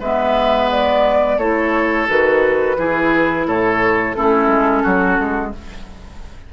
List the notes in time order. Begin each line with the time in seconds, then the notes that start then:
0.00 G#3 B3 B4 E5
0.71 D5
1.38 A3 E4 A4 C#5
2.08 D#3 F#4 B4
2.78 E3 E4 G#4
3.47 A2 A4 C#5
4.15 A3 C#4 E4 A4
4.48 G#3
4.83 F#3 F#4
5.19 G#3